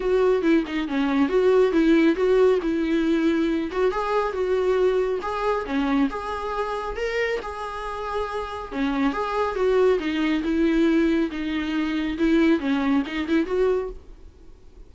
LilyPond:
\new Staff \with { instrumentName = "viola" } { \time 4/4 \tempo 4 = 138 fis'4 e'8 dis'8 cis'4 fis'4 | e'4 fis'4 e'2~ | e'8 fis'8 gis'4 fis'2 | gis'4 cis'4 gis'2 |
ais'4 gis'2. | cis'4 gis'4 fis'4 dis'4 | e'2 dis'2 | e'4 cis'4 dis'8 e'8 fis'4 | }